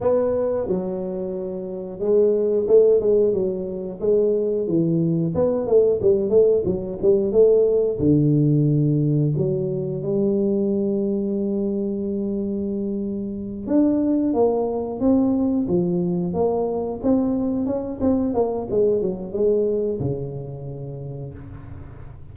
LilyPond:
\new Staff \with { instrumentName = "tuba" } { \time 4/4 \tempo 4 = 90 b4 fis2 gis4 | a8 gis8 fis4 gis4 e4 | b8 a8 g8 a8 fis8 g8 a4 | d2 fis4 g4~ |
g1~ | g8 d'4 ais4 c'4 f8~ | f8 ais4 c'4 cis'8 c'8 ais8 | gis8 fis8 gis4 cis2 | }